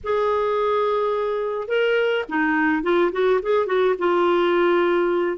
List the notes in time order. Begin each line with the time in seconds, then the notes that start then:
0.03 G#4
1.68 A#4
2.28 D#4
2.82 F4
3.12 F#4
3.42 G#4
3.66 F#4
3.98 F4